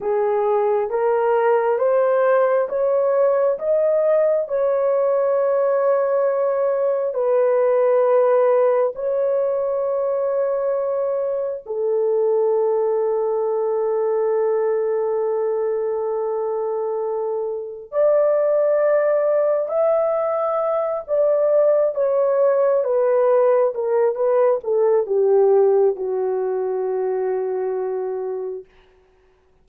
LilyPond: \new Staff \with { instrumentName = "horn" } { \time 4/4 \tempo 4 = 67 gis'4 ais'4 c''4 cis''4 | dis''4 cis''2. | b'2 cis''2~ | cis''4 a'2.~ |
a'1 | d''2 e''4. d''8~ | d''8 cis''4 b'4 ais'8 b'8 a'8 | g'4 fis'2. | }